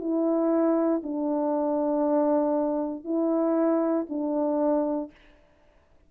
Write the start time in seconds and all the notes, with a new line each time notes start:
0.00 E4
1.03 D4
3.04 E4
4.09 D4